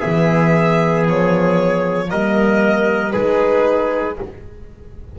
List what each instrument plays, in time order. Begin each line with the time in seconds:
0.00 double bass E3, horn B3, trumpet G#4, violin E5
1.07 double bass F3, violin C#5
2.10 double bass G3, horn A#3, trumpet A#4, violin D#5
3.12 double bass G#3, horn D#4, trumpet G#4, violin B4